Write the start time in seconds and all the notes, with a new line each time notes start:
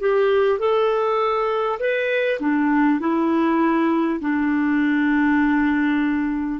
0.00 G4
0.59 A4
1.79 B4
2.40 D4
3.00 E4
4.20 D4